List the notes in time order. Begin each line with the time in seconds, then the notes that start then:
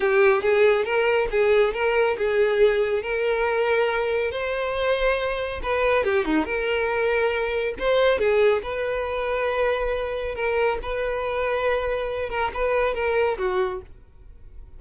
0.00 G4
0.42 G#4
0.85 A#4
1.30 G#4
1.73 A#4
2.17 G#4
3.02 A#4
4.31 C5
5.63 B4
6.04 G4
6.25 D#4
6.45 A#4
7.78 C5
8.18 G#4
8.62 B4
10.35 A#4
10.82 B4
12.29 A#4
12.53 B4
12.94 A#4
13.38 F#4